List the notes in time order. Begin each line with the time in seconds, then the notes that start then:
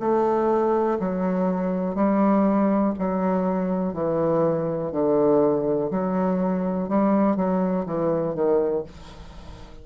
0.00 A3
1.00 F#3
1.95 G3
2.99 F#3
3.94 E3
4.92 D3
5.91 F#3
6.89 G3
7.37 F#3
7.86 E3
8.35 D#3